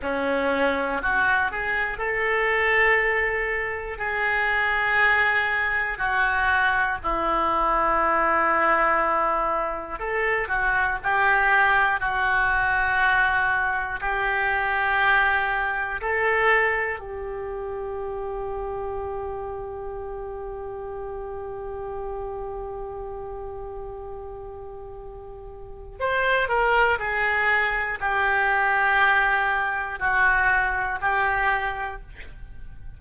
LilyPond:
\new Staff \with { instrumentName = "oboe" } { \time 4/4 \tempo 4 = 60 cis'4 fis'8 gis'8 a'2 | gis'2 fis'4 e'4~ | e'2 a'8 fis'8 g'4 | fis'2 g'2 |
a'4 g'2.~ | g'1~ | g'2 c''8 ais'8 gis'4 | g'2 fis'4 g'4 | }